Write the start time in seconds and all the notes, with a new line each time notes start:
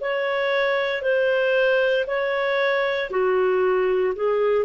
0.00 C#5
1.02 C5
2.06 C#5
3.10 F#4
4.15 G#4